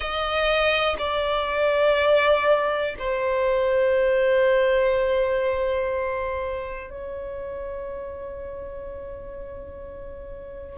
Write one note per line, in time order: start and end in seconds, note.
0.00 0.96 D#5
0.98 2.95 D5
2.98 6.90 C5
6.90 10.78 C#5